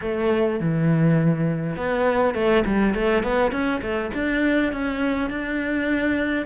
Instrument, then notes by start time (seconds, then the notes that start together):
cello
0.01 A3
0.60 E3
1.76 B3
2.34 A3
2.65 G3
2.94 A3
3.23 B3
3.51 C#4
3.81 A3
4.13 D4
4.72 C#4
5.30 D4